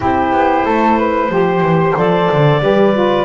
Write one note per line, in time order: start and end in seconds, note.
0.00 0.32 C4
0.00 1.28 E4
0.00 0.65 G4
0.00 1.97 C5
0.32 0.64 B3
0.65 1.29 A3
0.65 0.97 A4
0.97 1.30 B4
1.29 1.61 F3
1.29 1.96 G4
1.29 2.60 C5
1.61 1.93 E3
1.96 2.29 F3
1.96 2.61 A4
1.96 3.24 D5
2.32 2.61 D3
2.61 3.24 G3
2.61 2.93 G4
2.61 3.24 B4
2.93 3.24 F4